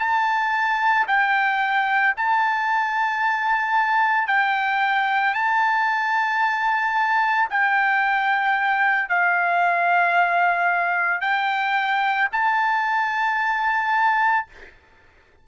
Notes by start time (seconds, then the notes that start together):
0.00 A5
1.08 G5
2.17 A5
4.28 G5
5.35 A5
7.50 G5
9.10 F5
11.22 G5
12.33 A5